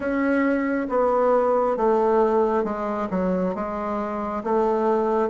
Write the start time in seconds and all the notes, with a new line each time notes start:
0.00 C#4
0.89 B3
1.76 A3
2.64 G#3
3.10 F#3
3.55 G#3
4.44 A3